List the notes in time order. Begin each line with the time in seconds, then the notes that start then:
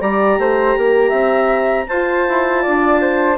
0.00 G3 G4 D5 A#5
0.38 A3 C5
0.78 A#3 A#4
1.09 C4 E5
1.88 F4 C5 A5
2.29 E4
2.62 D4 D5
3.01 C5